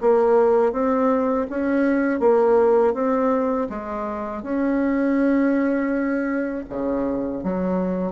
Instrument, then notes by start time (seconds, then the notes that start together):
bassoon
0.00 A#3
0.72 C4
1.49 C#4
2.19 A#3
2.93 C4
3.69 G#3
4.42 C#4
6.69 C#3
7.43 F#3